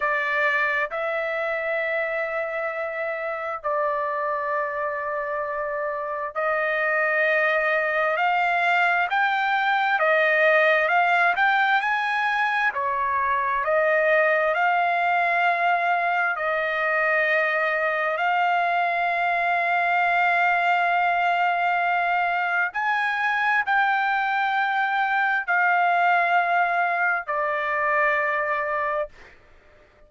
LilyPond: \new Staff \with { instrumentName = "trumpet" } { \time 4/4 \tempo 4 = 66 d''4 e''2. | d''2. dis''4~ | dis''4 f''4 g''4 dis''4 | f''8 g''8 gis''4 cis''4 dis''4 |
f''2 dis''2 | f''1~ | f''4 gis''4 g''2 | f''2 d''2 | }